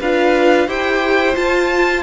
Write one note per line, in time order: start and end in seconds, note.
0.00 0.67 D4
0.00 0.67 F4
0.00 0.67 B4
0.00 0.69 F5
0.67 1.36 E4
0.67 1.33 G4
0.67 2.03 C5
0.67 1.35 G5
1.33 2.01 F4
1.33 2.03 F4
1.33 2.03 A5